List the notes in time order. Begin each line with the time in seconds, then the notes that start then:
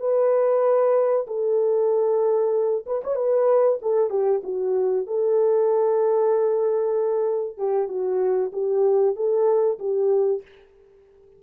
0.00 B4
1.27 A4
2.86 B4
3.04 C#5
3.16 B4
3.82 A4
4.10 G4
4.44 F#4
5.07 A4
7.57 G4
7.88 F#4
8.52 G4
9.16 A4
9.79 G4